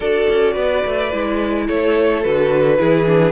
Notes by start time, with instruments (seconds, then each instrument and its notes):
0.00 cello D4, viola F#4, violin A4 D5
0.29 cello C#4
0.53 cello B3, violin B4
0.85 cello A3
1.12 cello G#3, viola E4
1.67 cello A3, violin A4 C#5
2.22 cello D3, viola F#4, violin B4
2.78 cello E3, viola E4, violin G#4
3.05 viola D4